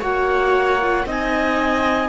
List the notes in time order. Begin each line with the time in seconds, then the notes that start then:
0.00 A#3 F#4 C#5 F#5
0.81 F4
1.05 C4 D#4 D#5 G#5